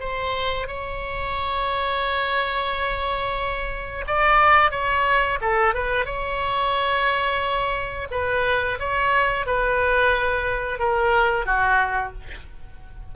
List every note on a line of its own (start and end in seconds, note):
0.00 0.67 C5
0.67 4.04 C#5
4.07 4.71 D5
4.71 5.38 C#5
5.41 5.74 A4
5.74 6.06 B4
6.06 8.08 C#5
8.11 8.79 B4
8.79 9.46 C#5
9.46 10.79 B4
10.79 11.45 A#4
11.45 12.13 F#4